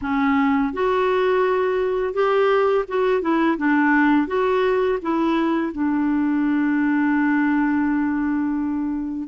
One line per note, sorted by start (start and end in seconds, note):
0.01 0.73 C#4
0.73 2.13 F#4
2.13 2.84 G4
2.88 3.21 F#4
3.21 3.57 E4
3.57 4.27 D4
4.27 4.98 F#4
5.02 5.72 E4
5.72 9.28 D4